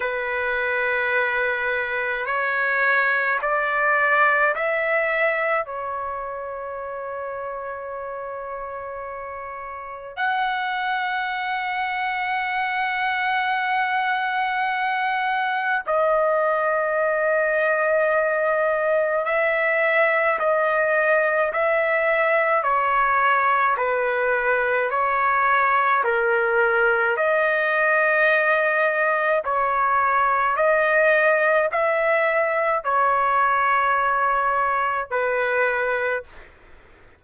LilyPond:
\new Staff \with { instrumentName = "trumpet" } { \time 4/4 \tempo 4 = 53 b'2 cis''4 d''4 | e''4 cis''2.~ | cis''4 fis''2.~ | fis''2 dis''2~ |
dis''4 e''4 dis''4 e''4 | cis''4 b'4 cis''4 ais'4 | dis''2 cis''4 dis''4 | e''4 cis''2 b'4 | }